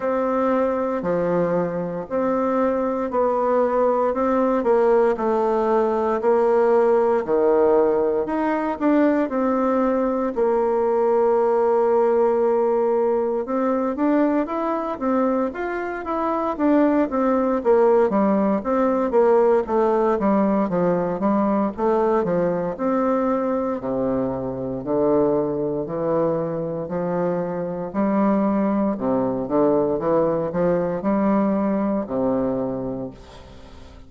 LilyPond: \new Staff \with { instrumentName = "bassoon" } { \time 4/4 \tempo 4 = 58 c'4 f4 c'4 b4 | c'8 ais8 a4 ais4 dis4 | dis'8 d'8 c'4 ais2~ | ais4 c'8 d'8 e'8 c'8 f'8 e'8 |
d'8 c'8 ais8 g8 c'8 ais8 a8 g8 | f8 g8 a8 f8 c'4 c4 | d4 e4 f4 g4 | c8 d8 e8 f8 g4 c4 | }